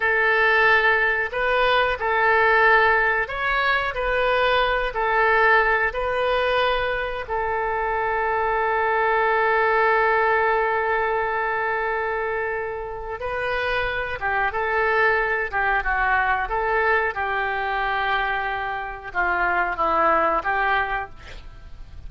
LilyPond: \new Staff \with { instrumentName = "oboe" } { \time 4/4 \tempo 4 = 91 a'2 b'4 a'4~ | a'4 cis''4 b'4. a'8~ | a'4 b'2 a'4~ | a'1~ |
a'1 | b'4. g'8 a'4. g'8 | fis'4 a'4 g'2~ | g'4 f'4 e'4 g'4 | }